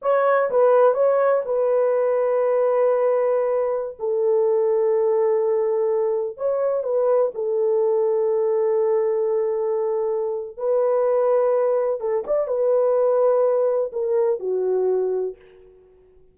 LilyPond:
\new Staff \with { instrumentName = "horn" } { \time 4/4 \tempo 4 = 125 cis''4 b'4 cis''4 b'4~ | b'1~ | b'16 a'2.~ a'8.~ | a'4~ a'16 cis''4 b'4 a'8.~ |
a'1~ | a'2 b'2~ | b'4 a'8 d''8 b'2~ | b'4 ais'4 fis'2 | }